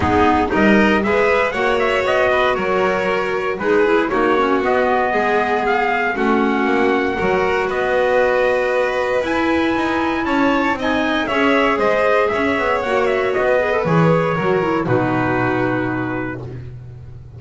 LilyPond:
<<
  \new Staff \with { instrumentName = "trumpet" } { \time 4/4 \tempo 4 = 117 gis'4 dis''4 e''4 fis''8 e''8 | dis''4 cis''2 b'4 | cis''4 dis''2 f''4 | fis''2. dis''4~ |
dis''2 gis''2 | a''4 gis''4 e''4 dis''4 | e''4 fis''8 e''8 dis''4 cis''4~ | cis''4 b'2. | }
  \new Staff \with { instrumentName = "violin" } { \time 4/4 dis'4 ais'4 b'4 cis''4~ | cis''8 b'8 ais'2 gis'4 | fis'2 gis'2 | fis'2 ais'4 b'4~ |
b'1 | cis''4 dis''4 cis''4 c''4 | cis''2~ cis''16 b'4.~ b'16 | ais'4 fis'2. | }
  \new Staff \with { instrumentName = "clarinet" } { \time 4/4 b4 dis'4 gis'4 fis'4~ | fis'2. dis'8 e'8 | dis'8 cis'8 b2. | cis'2 fis'2~ |
fis'2 e'2~ | e'4 dis'4 gis'2~ | gis'4 fis'4. gis'16 a'16 gis'4 | fis'8 e'8 dis'2. | }
  \new Staff \with { instrumentName = "double bass" } { \time 4/4 gis4 g4 gis4 ais4 | b4 fis2 gis4 | ais4 b4 gis2 | a4 ais4 fis4 b4~ |
b2 e'4 dis'4 | cis'4 c'4 cis'4 gis4 | cis'8 b8 ais4 b4 e4 | fis4 b,2. | }
>>